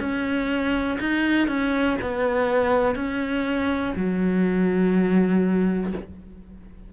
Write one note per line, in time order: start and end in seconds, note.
0.00 0.98 C#4
1.00 1.48 D#4
1.48 1.97 C#4
2.02 2.96 B3
2.96 3.94 C#4
3.96 5.93 F#3